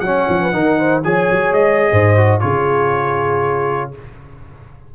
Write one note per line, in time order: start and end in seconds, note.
0.00 0.26 F#3
0.00 0.52 C#4
0.00 0.40 C#5
0.00 1.01 F#5
0.28 0.53 F3
0.41 0.53 B4
0.52 1.04 D#3
0.52 1.03 D#4
0.52 0.78 A#4
0.78 1.03 C5
1.03 1.29 F3
1.03 2.17 G#4
1.03 1.91 C#5
1.03 1.53 G#5
1.30 1.52 F#3
1.52 1.90 G#3
1.52 2.39 D#5
1.91 2.42 G#2
1.91 2.42 C5
2.17 2.40 F#4
2.39 3.95 C#3
2.39 3.91 F4
2.39 3.93 G#4
2.39 3.91 C#5